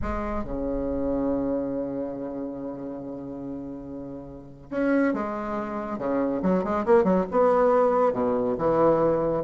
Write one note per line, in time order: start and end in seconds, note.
0.02 0.44 G#3
0.44 4.70 C#3
4.70 5.13 C#4
5.13 5.98 G#3
5.98 6.41 C#3
6.42 6.64 F#3
6.64 6.85 G#3
6.85 7.04 A#3
7.04 7.25 F#3
7.31 8.13 B3
8.13 8.55 B2
8.57 9.43 E3